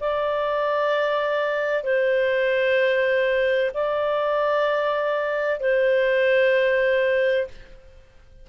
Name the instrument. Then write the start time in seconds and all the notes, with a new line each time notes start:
clarinet
0.00 D5
1.84 C5
3.74 D5
5.60 C5